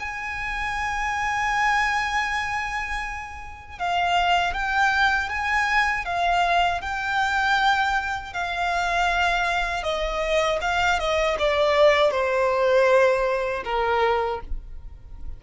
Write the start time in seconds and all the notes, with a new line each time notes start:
0.00 G#5
3.79 F5
4.54 G5
5.29 G#5
6.06 F5
6.81 G5
8.33 F5
9.84 D#5
10.61 F5
10.99 D#5
11.39 D5
12.11 C5
13.65 A#4